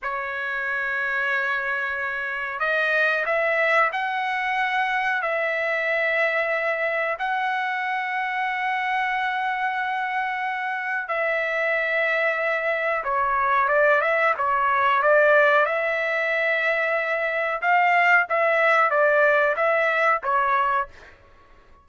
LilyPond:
\new Staff \with { instrumentName = "trumpet" } { \time 4/4 \tempo 4 = 92 cis''1 | dis''4 e''4 fis''2 | e''2. fis''4~ | fis''1~ |
fis''4 e''2. | cis''4 d''8 e''8 cis''4 d''4 | e''2. f''4 | e''4 d''4 e''4 cis''4 | }